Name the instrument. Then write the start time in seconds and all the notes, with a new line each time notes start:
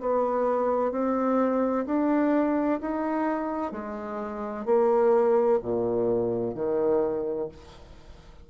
bassoon
0.00 B3
0.91 C4
1.86 D4
2.81 D#4
3.72 G#3
4.65 A#3
5.62 A#2
6.55 D#3